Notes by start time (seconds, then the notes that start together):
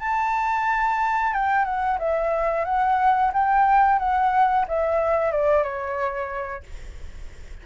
0.00 A5
1.34 G5
1.65 F#5
1.99 E5
2.65 F#5
3.34 G5
3.99 F#5
4.68 E5
5.32 D5
5.64 C#5